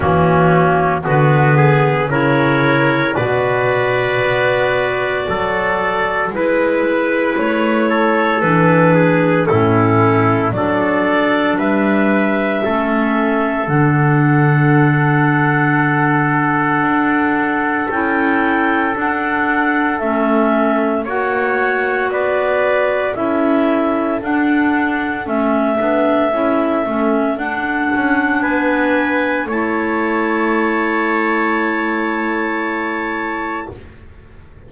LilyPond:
<<
  \new Staff \with { instrumentName = "clarinet" } { \time 4/4 \tempo 4 = 57 fis'4 b'4 cis''4 d''4~ | d''2 b'4 cis''4 | b'4 a'4 d''4 e''4~ | e''4 fis''2.~ |
fis''4 g''4 fis''4 e''4 | fis''4 d''4 e''4 fis''4 | e''2 fis''4 gis''4 | a''1 | }
  \new Staff \with { instrumentName = "trumpet" } { \time 4/4 cis'4 fis'8 gis'8 ais'4 b'4~ | b'4 a'4 b'4. a'8~ | a'8 gis'8 e'4 a'4 b'4 | a'1~ |
a'1 | cis''4 b'4 a'2~ | a'2. b'4 | cis''1 | }
  \new Staff \with { instrumentName = "clarinet" } { \time 4/4 ais4 b4 e'4 fis'4~ | fis'2 e'2 | d'4 cis'4 d'2 | cis'4 d'2.~ |
d'4 e'4 d'4 cis'4 | fis'2 e'4 d'4 | cis'8 d'8 e'8 cis'8 d'2 | e'1 | }
  \new Staff \with { instrumentName = "double bass" } { \time 4/4 e4 d4 cis4 b,4 | b4 fis4 gis4 a4 | e4 a,4 fis4 g4 | a4 d2. |
d'4 cis'4 d'4 a4 | ais4 b4 cis'4 d'4 | a8 b8 cis'8 a8 d'8 cis'8 b4 | a1 | }
>>